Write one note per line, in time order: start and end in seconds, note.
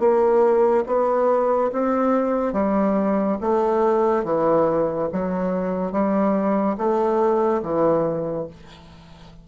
0.00 0.85 A#3
0.86 1.71 B3
1.73 2.53 C4
2.53 3.38 G3
3.41 4.24 A3
4.24 5.09 E3
5.13 5.92 F#3
5.92 6.77 G3
6.78 7.62 A3
7.63 8.47 E3